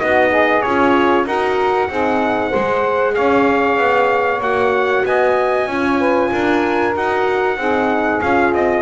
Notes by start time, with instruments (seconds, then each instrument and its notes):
0.00 double bass B3, horn D#4, saxophone F#4, trumpet D#5
0.30 saxophone G#4
0.63 double bass C#4, horn F4, trumpet C#5
1.26 double bass D#4, horn F#4, saxophone A#4, trumpet F#5
1.89 double bass C4, horn D#4, saxophone G#4
2.51 double bass G#3, horn G#4, saxophone C5
3.15 double bass C#4, saxophone C#5, trumpet F5
3.78 double bass B3
4.41 double bass A#3, horn F#4, trumpet F#5
5.04 double bass B3, saxophone D#5, trumpet G#5
5.67 double bass C#4, horn F4, saxophone C#5
5.99 saxophone B4
6.33 double bass D4, saxophone A#4
6.95 double bass D#4, horn F#4, trumpet F#5
7.57 double bass C4, horn D#4, saxophone G#4
8.22 double bass C#4, horn F4, trumpet F5
8.54 double bass C4, trumpet D#5